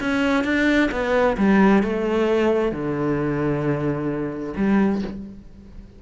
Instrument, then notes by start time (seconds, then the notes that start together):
cello
0.00 C#4
0.44 D4
0.91 B3
1.37 G3
1.83 A3
2.71 D3
4.56 G3